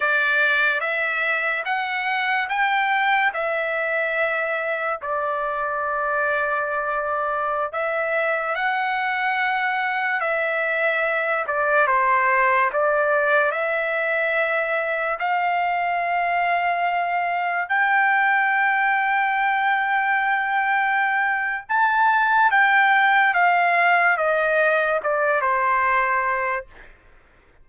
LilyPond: \new Staff \with { instrumentName = "trumpet" } { \time 4/4 \tempo 4 = 72 d''4 e''4 fis''4 g''4 | e''2 d''2~ | d''4~ d''16 e''4 fis''4.~ fis''16~ | fis''16 e''4. d''8 c''4 d''8.~ |
d''16 e''2 f''4.~ f''16~ | f''4~ f''16 g''2~ g''8.~ | g''2 a''4 g''4 | f''4 dis''4 d''8 c''4. | }